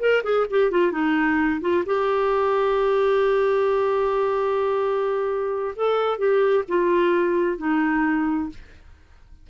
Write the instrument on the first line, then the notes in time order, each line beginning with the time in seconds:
clarinet
0.00 A#4
0.24 G#4
0.51 G4
0.71 F4
0.92 D#4
1.61 F4
1.86 G4
5.76 A4
6.19 G4
6.68 F4
7.58 D#4